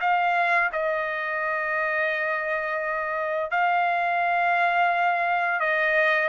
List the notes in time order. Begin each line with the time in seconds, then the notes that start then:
0.00 F5
0.72 D#5
3.50 F5
5.60 D#5